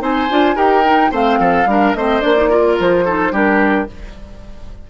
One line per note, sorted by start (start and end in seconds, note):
0.00 0.29 C4
0.00 0.28 D#4
0.00 0.56 C5
0.00 0.58 G#5
0.30 0.56 D4
0.30 0.56 F4
0.56 1.11 D#4
0.56 0.84 G4
0.56 1.11 A#4
0.56 1.13 G5
0.85 1.11 D#4
1.11 1.40 A3
1.11 1.67 C4
1.11 1.39 C5
1.11 1.95 F5
1.40 1.66 F3
1.40 1.68 A4
1.66 1.93 G3
1.66 1.96 D4
1.66 1.97 A#4
1.95 2.22 A3
1.95 2.21 C4
1.95 2.50 C5
1.95 2.22 D#5
2.21 2.79 A#3
2.21 2.35 D4
2.21 2.77 D5
2.36 2.50 D#4
2.50 3.05 F4
2.50 3.05 A#4
2.79 3.32 F3
2.79 3.35 C5
3.05 3.32 D#4
3.05 3.32 A4
3.32 3.87 G3
3.32 3.87 D4
3.32 3.88 G4
3.32 3.90 A#4